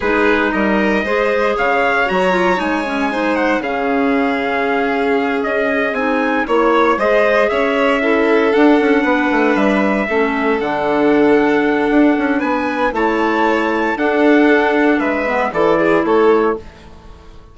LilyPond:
<<
  \new Staff \with { instrumentName = "trumpet" } { \time 4/4 \tempo 4 = 116 b'4 dis''2 f''4 | ais''4 gis''4. fis''8 f''4~ | f''2~ f''8 dis''4 gis''8~ | gis''8 cis''4 dis''4 e''4.~ |
e''8 fis''2 e''4.~ | e''8 fis''2.~ fis''8 | gis''4 a''2 fis''4~ | fis''4 e''4 d''4 cis''4 | }
  \new Staff \with { instrumentName = "violin" } { \time 4/4 gis'4 ais'4 c''4 cis''4~ | cis''2 c''4 gis'4~ | gis'1~ | gis'8 cis''4 c''4 cis''4 a'8~ |
a'4. b'2 a'8~ | a'1 | b'4 cis''2 a'4~ | a'4 b'4 a'8 gis'8 a'4 | }
  \new Staff \with { instrumentName = "clarinet" } { \time 4/4 dis'2 gis'2 | fis'8 f'8 dis'8 cis'8 dis'4 cis'4~ | cis'2.~ cis'8 dis'8~ | dis'8 e'4 gis'2 e'8~ |
e'8 d'2. cis'8~ | cis'8 d'2.~ d'8~ | d'4 e'2 d'4~ | d'4. b8 e'2 | }
  \new Staff \with { instrumentName = "bassoon" } { \time 4/4 gis4 g4 gis4 cis4 | fis4 gis2 cis4~ | cis2~ cis8 cis'4 c'8~ | c'8 ais4 gis4 cis'4.~ |
cis'8 d'8 cis'8 b8 a8 g4 a8~ | a8 d2~ d8 d'8 cis'8 | b4 a2 d'4~ | d'4 gis4 e4 a4 | }
>>